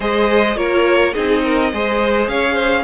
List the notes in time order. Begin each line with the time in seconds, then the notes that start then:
0.00 G#3 G#4 C5 D#5
0.55 A#3 F4 A#4 C#5
1.13 C4 D#4 G#4 D#5
1.43 A#4
1.72 G#3 G#4 C5
2.27 C#4 C#5 F5
2.53 C5